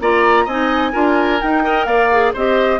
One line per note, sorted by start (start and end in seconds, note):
0.00 0.46 A#3
0.00 0.47 F4
0.00 0.44 D5
0.00 0.48 A#5
0.44 0.92 C4
0.44 0.92 D#4
0.44 0.91 D#5
0.44 1.41 G#5
0.92 1.41 D4
0.92 1.39 F4
0.92 1.62 A#4
1.41 1.63 D#4
1.41 1.85 D#4
1.41 1.85 G5
1.63 2.10 A#4
1.63 1.86 D#5
1.85 2.32 A#3
1.85 2.33 D5
1.85 2.32 F5
2.11 2.34 G#4
2.33 2.79 C4
2.33 2.79 G4
2.33 2.79 C5
2.33 2.79 D#5